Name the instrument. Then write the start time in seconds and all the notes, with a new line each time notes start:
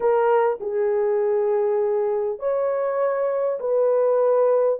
horn
0.00 A#4
0.60 G#4
2.39 C#5
3.60 B4